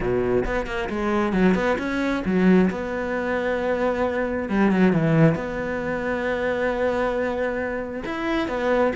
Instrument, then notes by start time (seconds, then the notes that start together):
cello
0.00 B2
0.45 B3
0.66 A#3
0.89 G#3
1.32 F#3
1.54 B3
1.78 C#4
2.25 F#3
2.70 B3
4.49 G3
4.71 F#3
4.92 E3
5.35 B3
8.05 E4
8.48 B3